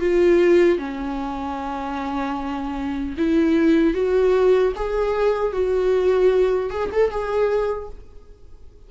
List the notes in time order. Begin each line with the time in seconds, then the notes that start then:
0.00 F4
0.79 C#4
3.18 E4
3.94 F#4
4.76 G#4
5.53 F#4
6.70 G#4
6.93 A4
7.11 G#4